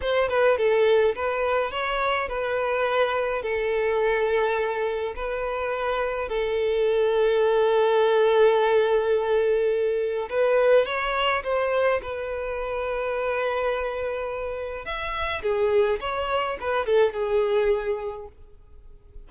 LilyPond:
\new Staff \with { instrumentName = "violin" } { \time 4/4 \tempo 4 = 105 c''8 b'8 a'4 b'4 cis''4 | b'2 a'2~ | a'4 b'2 a'4~ | a'1~ |
a'2 b'4 cis''4 | c''4 b'2.~ | b'2 e''4 gis'4 | cis''4 b'8 a'8 gis'2 | }